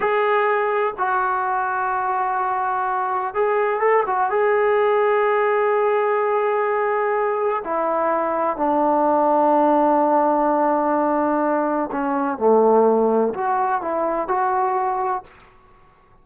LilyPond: \new Staff \with { instrumentName = "trombone" } { \time 4/4 \tempo 4 = 126 gis'2 fis'2~ | fis'2. gis'4 | a'8 fis'8 gis'2.~ | gis'1 |
e'2 d'2~ | d'1~ | d'4 cis'4 a2 | fis'4 e'4 fis'2 | }